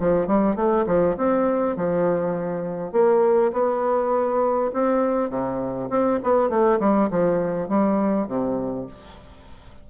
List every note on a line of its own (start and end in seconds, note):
0.00 0.27 F3
0.27 0.56 G3
0.56 0.86 A3
0.86 1.16 F3
1.17 1.76 C4
1.76 2.92 F3
2.92 3.52 A#3
3.53 4.71 B3
4.73 5.30 C4
5.30 5.89 C3
5.90 6.19 C4
6.23 6.49 B3
6.49 6.79 A3
6.80 7.10 G3
7.11 7.69 F3
7.69 8.27 G3
8.27 8.87 C3